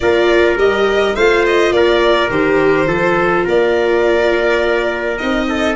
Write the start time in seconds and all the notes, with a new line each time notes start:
0.00 A#3 F4 A#4 D5
0.56 G3 G4 D#5
1.15 A3 F4 C5 F5
1.46 D#5
1.71 A#3 A#4 D5
2.29 D#3 G4 C5
2.86 F3 F4 A4
3.44 A#3 A#4 D5
5.17 C4 D#4 D#5
5.48 A4